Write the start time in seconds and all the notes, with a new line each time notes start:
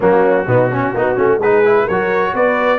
0.00 F#3 A#3 C#4 F#4
0.46 B2 B3 D#4
0.69 C#4
0.93 B3 D#4 F#4
1.16 A3 C#4
1.38 G#3 G#4 B4
1.44 D#4
1.65 E4
1.84 F#3 A#4 C#5
1.91 F#4
2.33 B3 B4 D5